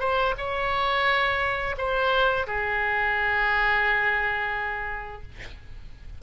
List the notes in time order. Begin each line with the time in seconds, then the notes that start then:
0.00 C5
0.38 C#5
1.78 C5
2.47 G#4